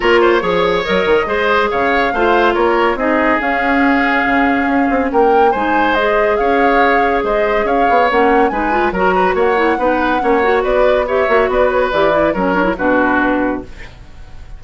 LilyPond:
<<
  \new Staff \with { instrumentName = "flute" } { \time 4/4 \tempo 4 = 141 cis''2 dis''2 | f''2 cis''4 dis''4 | f''1 | g''4 gis''4 dis''4 f''4~ |
f''4 dis''4 f''4 fis''4 | gis''4 ais''4 fis''2~ | fis''4 d''4 e''4 d''8 cis''8 | d''4 cis''4 b'2 | }
  \new Staff \with { instrumentName = "oboe" } { \time 4/4 ais'8 c''8 cis''2 c''4 | cis''4 c''4 ais'4 gis'4~ | gis'1 | ais'4 c''2 cis''4~ |
cis''4 c''4 cis''2 | b'4 ais'8 b'8 cis''4 b'4 | cis''4 b'4 cis''4 b'4~ | b'4 ais'4 fis'2 | }
  \new Staff \with { instrumentName = "clarinet" } { \time 4/4 f'4 gis'4 ais'4 gis'4~ | gis'4 f'2 dis'4 | cis'1~ | cis'4 dis'4 gis'2~ |
gis'2. cis'4 | dis'8 f'8 fis'4. e'8 dis'4 | cis'8 fis'4. g'8 fis'4. | g'8 e'8 cis'8 d'16 e'16 d'2 | }
  \new Staff \with { instrumentName = "bassoon" } { \time 4/4 ais4 f4 fis8 dis8 gis4 | cis4 a4 ais4 c'4 | cis'2 cis4 cis'8 c'8 | ais4 gis2 cis'4~ |
cis'4 gis4 cis'8 b8 ais4 | gis4 fis4 ais4 b4 | ais4 b4. ais8 b4 | e4 fis4 b,2 | }
>>